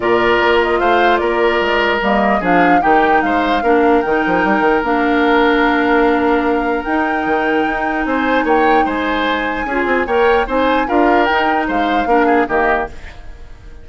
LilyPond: <<
  \new Staff \with { instrumentName = "flute" } { \time 4/4 \tempo 4 = 149 d''4. dis''8 f''4 d''4~ | d''4 dis''4 f''4 g''4 | f''2 g''2 | f''1~ |
f''4 g''2. | gis''4 g''4 gis''2~ | gis''4 g''4 gis''4 f''4 | g''4 f''2 dis''4 | }
  \new Staff \with { instrumentName = "oboe" } { \time 4/4 ais'2 c''4 ais'4~ | ais'2 gis'4 g'4 | c''4 ais'2.~ | ais'1~ |
ais'1 | c''4 cis''4 c''2 | gis'4 cis''4 c''4 ais'4~ | ais'4 c''4 ais'8 gis'8 g'4 | }
  \new Staff \with { instrumentName = "clarinet" } { \time 4/4 f'1~ | f'4 ais4 d'4 dis'4~ | dis'4 d'4 dis'2 | d'1~ |
d'4 dis'2.~ | dis'1 | f'4 ais'4 dis'4 f'4 | dis'2 d'4 ais4 | }
  \new Staff \with { instrumentName = "bassoon" } { \time 4/4 ais,4 ais4 a4 ais4 | gis4 g4 f4 dis4 | gis4 ais4 dis8 f8 g8 dis8 | ais1~ |
ais4 dis'4 dis4 dis'4 | c'4 ais4 gis2 | cis'8 c'8 ais4 c'4 d'4 | dis'4 gis4 ais4 dis4 | }
>>